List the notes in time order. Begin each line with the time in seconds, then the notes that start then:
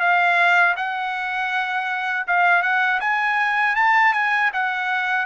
0.00 F5
0.76 F#5
2.27 F5
2.62 F#5
3.00 G#5
3.76 A5
4.13 G#5
4.53 F#5